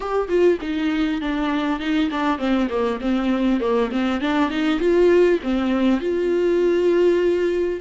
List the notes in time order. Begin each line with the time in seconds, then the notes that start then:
0.00 G4
0.28 F4
0.61 D#4
1.21 D4
1.79 D#4
2.11 D4
2.38 C4
2.69 A#3
3.00 C4
3.60 A#3
3.91 C4
4.20 D4
4.50 D#4
4.79 F4
5.43 C4
6.00 F4